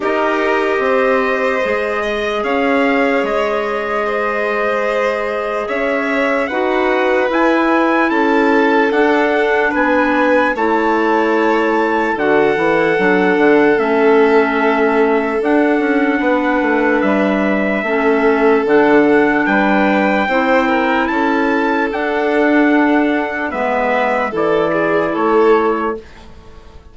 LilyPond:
<<
  \new Staff \with { instrumentName = "trumpet" } { \time 4/4 \tempo 4 = 74 dis''2. f''4 | dis''2. e''4 | fis''4 gis''4 a''4 fis''4 | gis''4 a''2 fis''4~ |
fis''4 e''2 fis''4~ | fis''4 e''2 fis''4 | g''2 a''4 fis''4~ | fis''4 e''4 d''4 cis''4 | }
  \new Staff \with { instrumentName = "violin" } { \time 4/4 ais'4 c''4. dis''8 cis''4~ | cis''4 c''2 cis''4 | b'2 a'2 | b'4 cis''2 a'4~ |
a'1 | b'2 a'2 | b'4 c''8 ais'8 a'2~ | a'4 b'4 a'8 gis'8 a'4 | }
  \new Staff \with { instrumentName = "clarinet" } { \time 4/4 g'2 gis'2~ | gis'1 | fis'4 e'2 d'4~ | d'4 e'2 fis'8 e'8 |
d'4 cis'2 d'4~ | d'2 cis'4 d'4~ | d'4 e'2 d'4~ | d'4 b4 e'2 | }
  \new Staff \with { instrumentName = "bassoon" } { \time 4/4 dis'4 c'4 gis4 cis'4 | gis2. cis'4 | dis'4 e'4 cis'4 d'4 | b4 a2 d8 e8 |
fis8 d8 a2 d'8 cis'8 | b8 a8 g4 a4 d4 | g4 c'4 cis'4 d'4~ | d'4 gis4 e4 a4 | }
>>